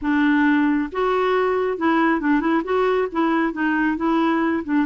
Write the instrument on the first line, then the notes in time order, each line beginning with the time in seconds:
clarinet
0.01 D4
0.92 F#4
1.77 E4
2.20 D4
2.40 E4
2.64 F#4
3.12 E4
3.53 D#4
3.96 E4
4.63 D4